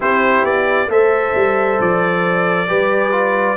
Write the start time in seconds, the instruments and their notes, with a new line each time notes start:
0.00 tuba C4, trombone E4, horn G4, trumpet C5
0.43 tuba B3, trumpet D5
0.87 tuba A3, trombone A4, horn C5, trumpet E5
1.35 tuba G3
1.80 tuba F3, trumpet D5
2.67 tuba G3, trombone G4, horn B4
3.11 trombone F4